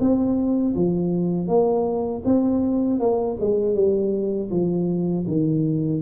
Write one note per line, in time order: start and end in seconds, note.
0.00 0.75 C4
0.75 1.48 F3
1.48 2.23 A#3
2.25 3.00 C4
3.00 3.37 A#3
3.40 3.75 G#3
3.75 4.50 G3
4.50 5.25 F3
5.27 6.02 D#3